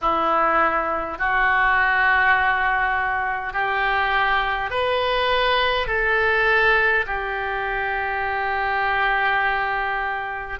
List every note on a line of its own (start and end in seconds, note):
0.01 1.18 E4
1.18 3.53 F#4
3.53 4.70 G4
4.70 5.87 B4
5.87 7.04 A4
7.06 10.59 G4